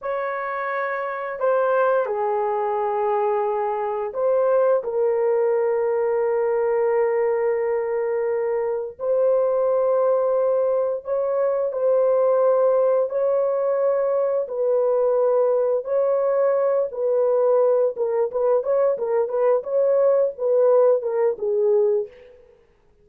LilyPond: \new Staff \with { instrumentName = "horn" } { \time 4/4 \tempo 4 = 87 cis''2 c''4 gis'4~ | gis'2 c''4 ais'4~ | ais'1~ | ais'4 c''2. |
cis''4 c''2 cis''4~ | cis''4 b'2 cis''4~ | cis''8 b'4. ais'8 b'8 cis''8 ais'8 | b'8 cis''4 b'4 ais'8 gis'4 | }